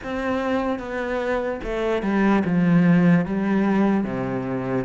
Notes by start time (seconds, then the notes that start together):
0.03 C4
0.79 B3
1.63 A3
2.02 G3
2.45 F3
3.25 G3
4.04 C3